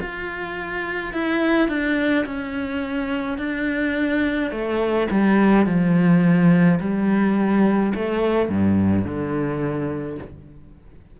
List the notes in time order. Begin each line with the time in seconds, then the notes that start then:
0.00 F4
1.13 E4
1.68 D4
2.25 C#4
3.38 D4
4.51 A3
5.10 G3
5.66 F3
6.80 G3
7.95 A3
8.49 G2
9.05 D3